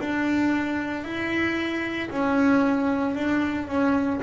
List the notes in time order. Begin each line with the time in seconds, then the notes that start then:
0.00 D4
1.04 E4
2.11 C#4
3.15 D4
3.68 C#4